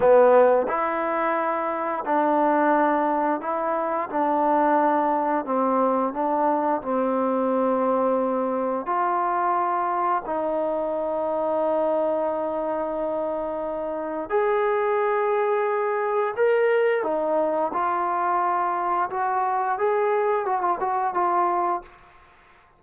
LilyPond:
\new Staff \with { instrumentName = "trombone" } { \time 4/4 \tempo 4 = 88 b4 e'2 d'4~ | d'4 e'4 d'2 | c'4 d'4 c'2~ | c'4 f'2 dis'4~ |
dis'1~ | dis'4 gis'2. | ais'4 dis'4 f'2 | fis'4 gis'4 fis'16 f'16 fis'8 f'4 | }